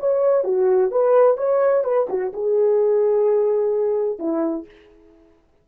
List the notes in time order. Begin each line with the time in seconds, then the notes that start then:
0.00 C#5
0.45 F#4
0.92 B4
1.38 C#5
1.84 B4
2.09 F#4
2.34 G#4
4.19 E4